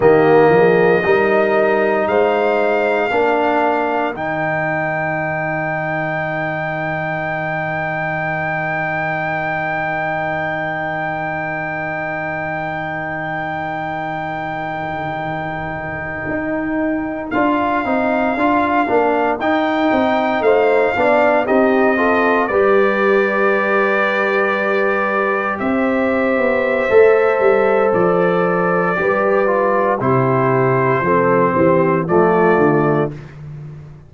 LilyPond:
<<
  \new Staff \with { instrumentName = "trumpet" } { \time 4/4 \tempo 4 = 58 dis''2 f''2 | g''1~ | g''1~ | g''1~ |
g''8. f''2 g''4 f''16~ | f''8. dis''4 d''2~ d''16~ | d''8. e''2~ e''16 d''4~ | d''4 c''2 d''4 | }
  \new Staff \with { instrumentName = "horn" } { \time 4/4 g'8 gis'8 ais'4 c''4 ais'4~ | ais'1~ | ais'1~ | ais'1~ |
ais'2.~ ais'8. c''16~ | c''16 d''8 g'8 a'8 b'2~ b'16~ | b'8. c''2.~ c''16 | b'4 g'4 a'8 g'8 f'4 | }
  \new Staff \with { instrumentName = "trombone" } { \time 4/4 ais4 dis'2 d'4 | dis'1~ | dis'1~ | dis'1~ |
dis'8. f'8 dis'8 f'8 d'8 dis'4~ dis'16~ | dis'16 d'8 dis'8 f'8 g'2~ g'16~ | g'2 a'2 | g'8 f'8 e'4 c'4 a4 | }
  \new Staff \with { instrumentName = "tuba" } { \time 4/4 dis8 f8 g4 gis4 ais4 | dis1~ | dis1~ | dis2.~ dis8. dis'16~ |
dis'8. d'8 c'8 d'8 ais8 dis'8 c'8 a16~ | a16 b8 c'4 g2~ g16~ | g8. c'8. b8 a8 g8 f4 | g4 c4 f8 e8 f8 d8 | }
>>